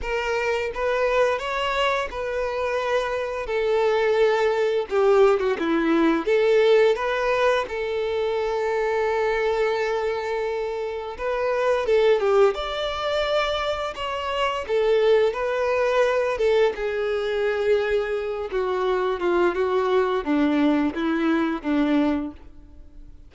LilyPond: \new Staff \with { instrumentName = "violin" } { \time 4/4 \tempo 4 = 86 ais'4 b'4 cis''4 b'4~ | b'4 a'2 g'8. fis'16 | e'4 a'4 b'4 a'4~ | a'1 |
b'4 a'8 g'8 d''2 | cis''4 a'4 b'4. a'8 | gis'2~ gis'8 fis'4 f'8 | fis'4 d'4 e'4 d'4 | }